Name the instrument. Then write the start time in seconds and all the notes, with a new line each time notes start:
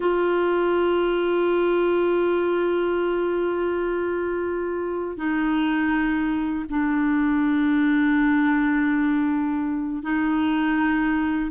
clarinet
0.00 F4
5.17 D#4
6.69 D4
10.02 D#4